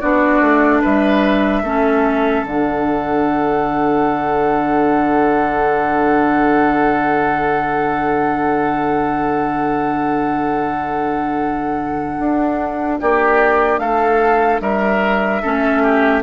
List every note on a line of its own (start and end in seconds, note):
0.00 0.40 B3
0.00 1.64 D4
0.00 0.81 F#4
0.00 0.81 D5
0.40 0.81 A3
0.81 1.62 G3
0.81 1.62 B4
0.81 2.46 E5
1.62 2.43 A3
1.62 2.46 C#4
1.62 12.98 A4
2.44 12.17 D3
2.44 15.44 D4
2.44 13.00 F#5
12.19 13.00 D4
13.00 13.79 A#3
13.00 13.80 G4
13.00 13.78 D5
13.78 14.60 A3
13.78 14.61 A4
13.78 14.59 F5
14.60 15.41 G3
14.60 15.42 A#4
14.60 16.22 E5
15.42 16.22 A3
15.42 16.22 C#4
15.42 15.82 A4
15.82 16.22 G4